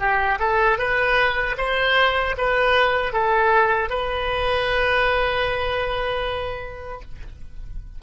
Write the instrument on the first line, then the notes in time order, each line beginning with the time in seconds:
oboe
0.00 G4
0.40 A4
0.79 B4
1.58 C5
2.38 B4
3.13 A4
3.90 B4